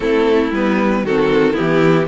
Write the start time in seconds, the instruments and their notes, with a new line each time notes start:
0.00 cello A3, viola C4, violin E4 A4
0.51 cello G3, viola B3, violin B4
1.03 cello D#3, viola C4, violin F#4 A4
1.52 viola B3, violin E4 G4
1.60 cello E3